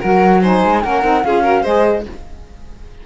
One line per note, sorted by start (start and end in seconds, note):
0.00 0.65 F#3
0.00 0.42 F#4
0.00 0.41 A#4
0.00 0.42 F#5
0.42 0.83 D#4
0.42 0.83 C5
0.42 0.84 G#5
0.65 0.84 G#3
0.83 1.04 A#3
0.83 1.03 C#4
0.83 1.25 A#4
0.83 1.24 F#5
1.03 1.24 C4
1.03 1.24 D#4
1.24 1.65 C#4
1.24 1.44 F4
1.24 1.43 G#4
1.24 1.64 F5
1.43 1.64 F#4
1.43 1.63 A#4
1.63 2.06 G#3
1.63 2.05 G#4
1.63 2.03 C5
1.63 2.05 D#5